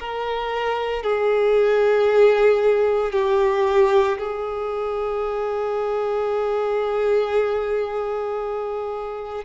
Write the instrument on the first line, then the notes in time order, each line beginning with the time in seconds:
violin
0.00 A#4
1.03 G#4
3.12 G4
4.18 G#4